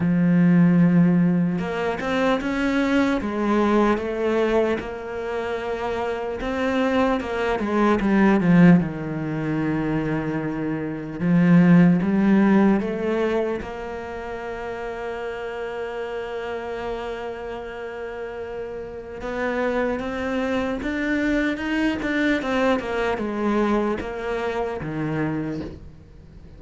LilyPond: \new Staff \with { instrumentName = "cello" } { \time 4/4 \tempo 4 = 75 f2 ais8 c'8 cis'4 | gis4 a4 ais2 | c'4 ais8 gis8 g8 f8 dis4~ | dis2 f4 g4 |
a4 ais2.~ | ais1 | b4 c'4 d'4 dis'8 d'8 | c'8 ais8 gis4 ais4 dis4 | }